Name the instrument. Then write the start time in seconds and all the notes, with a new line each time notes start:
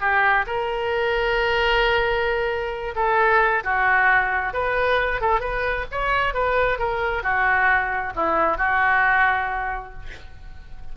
oboe
0.00 G4
0.46 A#4
2.95 A4
3.64 F#4
4.53 B4
5.21 A4
5.40 B4
5.91 C#5
6.33 B4
6.79 A#4
7.23 F#4
8.15 E4
8.57 F#4